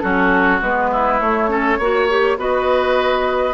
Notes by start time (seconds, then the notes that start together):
0.00 F#3 C#4 F#4 A4
0.62 G#3 B3 B4
0.91 E4
1.20 A3 C#5
1.48 C#4 A4
1.79 A#3 F#4 C#5
2.10 G4
2.37 B3 F#4 B4 D#5